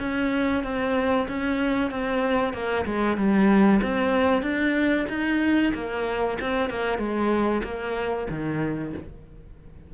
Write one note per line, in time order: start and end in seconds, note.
0.00 0.64 C#4
0.64 1.28 C4
1.29 1.91 C#4
1.91 2.54 C4
2.54 2.86 A#3
2.86 3.17 G#3
3.17 3.81 G3
3.83 4.43 C4
4.43 5.07 D4
5.09 5.73 D#4
5.75 6.39 A#3
6.41 6.70 C4
6.70 6.99 A#3
6.99 7.62 G#3
7.64 8.28 A#3
8.30 8.94 D#3